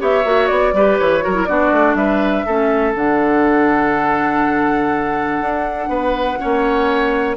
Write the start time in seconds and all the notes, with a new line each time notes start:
0.00 B3 G4 C#5 E5
0.25 A#3 F#4
0.48 B3 D5
0.74 G3 G4 B4
0.99 E3 C#5
1.21 F#3 F#4 A#4
1.34 E4
1.46 B3 D4 F#4 D5
1.72 A3
1.95 G3 B4 E5
2.46 A3 C#4 A4
2.95 D3 D4 F#5
5.41 D4
5.89 B3 B4
6.39 A#3 C#4 C#5